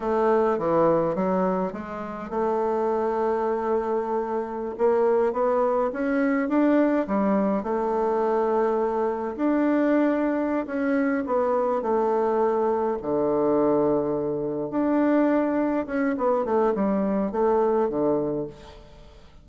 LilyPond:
\new Staff \with { instrumentName = "bassoon" } { \time 4/4 \tempo 4 = 104 a4 e4 fis4 gis4 | a1~ | a16 ais4 b4 cis'4 d'8.~ | d'16 g4 a2~ a8.~ |
a16 d'2~ d'16 cis'4 b8~ | b8 a2 d4.~ | d4. d'2 cis'8 | b8 a8 g4 a4 d4 | }